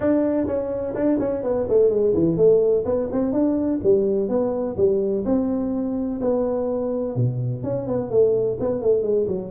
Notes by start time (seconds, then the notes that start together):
0.00 D4
0.46 C#4
0.94 D4
1.19 C#4
1.43 B3
1.68 A3
1.89 G#3
2.13 E3
2.36 A3
2.85 B3
3.11 C4
3.32 D4
3.83 G3
4.29 B3
4.76 G3
5.25 C4
6.21 B3
7.15 B2
7.63 C#4
7.87 B3
8.10 A3
8.60 B3
8.81 A3
9.02 G#3
9.27 F#3